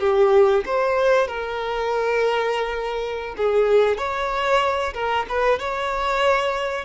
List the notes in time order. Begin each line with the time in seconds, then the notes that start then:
0.00 G4
0.66 C5
1.27 A#4
3.37 G#4
3.97 C#5
4.94 A#4
5.28 B4
5.59 C#5